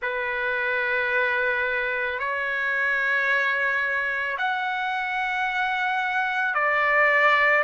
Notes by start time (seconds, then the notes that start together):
0.01 B4
2.19 C#5
4.37 F#5
6.54 D5